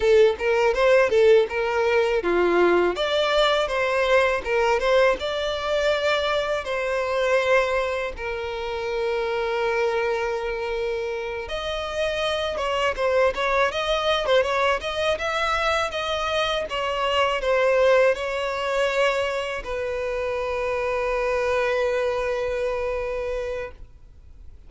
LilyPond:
\new Staff \with { instrumentName = "violin" } { \time 4/4 \tempo 4 = 81 a'8 ais'8 c''8 a'8 ais'4 f'4 | d''4 c''4 ais'8 c''8 d''4~ | d''4 c''2 ais'4~ | ais'2.~ ais'8 dis''8~ |
dis''4 cis''8 c''8 cis''8 dis''8. c''16 cis''8 | dis''8 e''4 dis''4 cis''4 c''8~ | c''8 cis''2 b'4.~ | b'1 | }